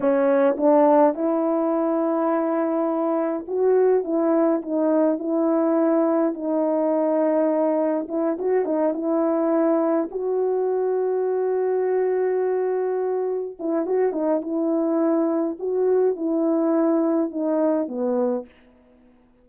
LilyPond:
\new Staff \with { instrumentName = "horn" } { \time 4/4 \tempo 4 = 104 cis'4 d'4 e'2~ | e'2 fis'4 e'4 | dis'4 e'2 dis'4~ | dis'2 e'8 fis'8 dis'8 e'8~ |
e'4. fis'2~ fis'8~ | fis'2.~ fis'8 e'8 | fis'8 dis'8 e'2 fis'4 | e'2 dis'4 b4 | }